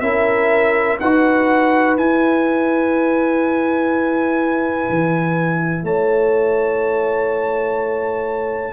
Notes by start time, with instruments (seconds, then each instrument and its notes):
0.00 tuba C#4, trombone E4, horn A#4, trumpet E5
0.99 tuba D#4, trombone F#4, horn B4, trumpet F#5
1.97 tuba E4, trombone E4, trumpet G#5
4.89 tuba E3
5.83 tuba A3, horn C#5, trumpet A5